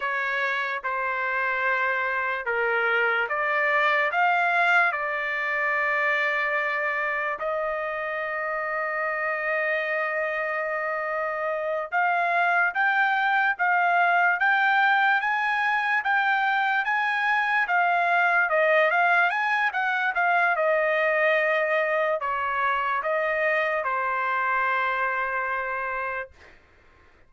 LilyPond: \new Staff \with { instrumentName = "trumpet" } { \time 4/4 \tempo 4 = 73 cis''4 c''2 ais'4 | d''4 f''4 d''2~ | d''4 dis''2.~ | dis''2~ dis''8 f''4 g''8~ |
g''8 f''4 g''4 gis''4 g''8~ | g''8 gis''4 f''4 dis''8 f''8 gis''8 | fis''8 f''8 dis''2 cis''4 | dis''4 c''2. | }